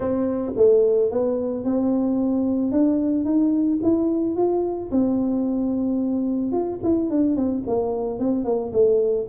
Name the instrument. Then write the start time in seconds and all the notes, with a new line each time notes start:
tuba
0.00 C4
0.56 A3
1.11 B3
1.64 C4
2.71 D4
3.24 D#4
3.83 E4
4.35 F4
4.91 C4
6.52 F4
6.83 E4
7.09 D4
7.36 C4
7.66 A#3
8.19 C4
8.44 A#3
8.72 A3